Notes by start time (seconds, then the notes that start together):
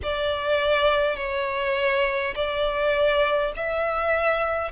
0.03 D5
1.16 C#5
2.35 D5
3.56 E5